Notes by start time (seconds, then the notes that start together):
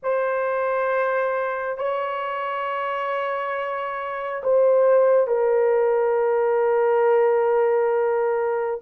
0.02 C5
1.77 C#5
4.43 C5
5.27 A#4